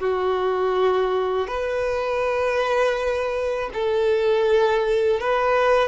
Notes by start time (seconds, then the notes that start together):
0.00 F#4
1.47 B4
3.73 A4
5.20 B4